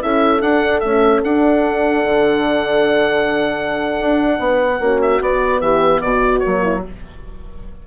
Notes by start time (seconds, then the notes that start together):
0.00 C#4 E4 A4 E5
0.41 D4 F#5
0.80 A3 C#4 E5
1.23 D4 F#5
2.04 D3
4.00 D4
4.39 B3 B4
4.79 A#3 C#4 F#4
5.01 E5
5.20 B3 D5
5.60 E3 G4 E5
6.01 B2 F#4 D5
6.39 A#3 C#5
6.46 F#3
6.62 E4